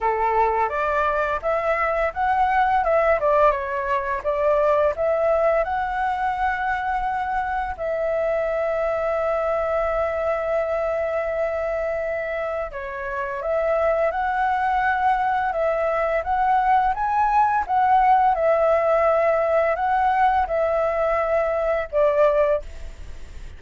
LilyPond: \new Staff \with { instrumentName = "flute" } { \time 4/4 \tempo 4 = 85 a'4 d''4 e''4 fis''4 | e''8 d''8 cis''4 d''4 e''4 | fis''2. e''4~ | e''1~ |
e''2 cis''4 e''4 | fis''2 e''4 fis''4 | gis''4 fis''4 e''2 | fis''4 e''2 d''4 | }